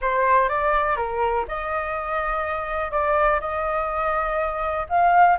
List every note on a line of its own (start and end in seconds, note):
0.01 0.48 C5
0.48 0.96 D5
0.96 1.45 A#4
1.48 2.91 D#5
2.91 3.39 D5
3.40 4.86 D#5
4.89 5.37 F5